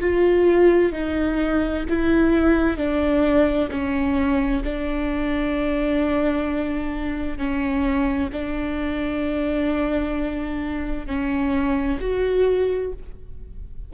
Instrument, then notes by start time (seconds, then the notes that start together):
viola
0.00 F4
0.92 D#4
1.89 E4
2.77 D4
3.70 C#4
4.64 D4
7.38 C#4
8.32 D4
11.06 C#4
12.00 F#4